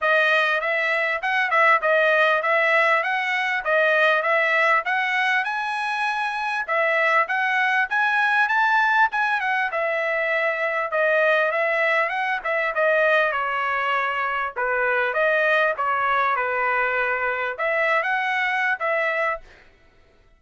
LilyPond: \new Staff \with { instrumentName = "trumpet" } { \time 4/4 \tempo 4 = 99 dis''4 e''4 fis''8 e''8 dis''4 | e''4 fis''4 dis''4 e''4 | fis''4 gis''2 e''4 | fis''4 gis''4 a''4 gis''8 fis''8 |
e''2 dis''4 e''4 | fis''8 e''8 dis''4 cis''2 | b'4 dis''4 cis''4 b'4~ | b'4 e''8. fis''4~ fis''16 e''4 | }